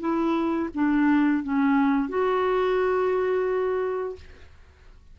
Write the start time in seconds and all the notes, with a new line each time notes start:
0.00 E4
0.74 D4
1.43 C#4
2.08 F#4